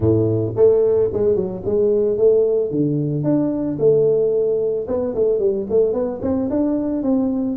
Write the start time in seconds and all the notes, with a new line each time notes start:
0.00 A2
0.56 A3
1.13 G#3
1.35 F#3
1.65 G#3
2.17 A3
2.71 D3
3.23 D4
3.78 A3
4.87 B3
5.14 A3
5.39 G3
5.69 A3
5.93 B3
6.22 C4
6.50 D4
7.02 C4